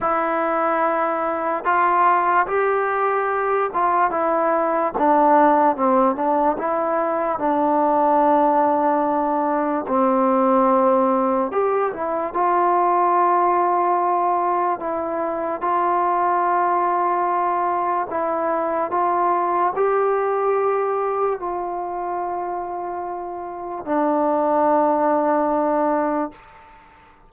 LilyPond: \new Staff \with { instrumentName = "trombone" } { \time 4/4 \tempo 4 = 73 e'2 f'4 g'4~ | g'8 f'8 e'4 d'4 c'8 d'8 | e'4 d'2. | c'2 g'8 e'8 f'4~ |
f'2 e'4 f'4~ | f'2 e'4 f'4 | g'2 f'2~ | f'4 d'2. | }